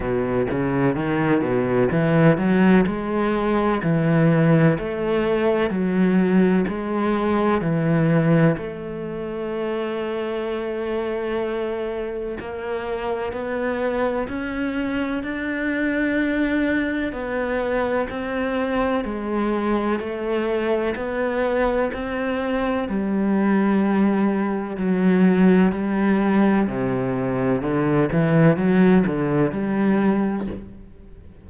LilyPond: \new Staff \with { instrumentName = "cello" } { \time 4/4 \tempo 4 = 63 b,8 cis8 dis8 b,8 e8 fis8 gis4 | e4 a4 fis4 gis4 | e4 a2.~ | a4 ais4 b4 cis'4 |
d'2 b4 c'4 | gis4 a4 b4 c'4 | g2 fis4 g4 | c4 d8 e8 fis8 d8 g4 | }